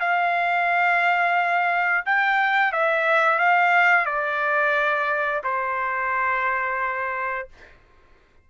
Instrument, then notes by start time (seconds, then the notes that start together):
trumpet
0.00 F5
2.06 G5
2.72 E5
3.39 F5
4.05 D5
5.44 C5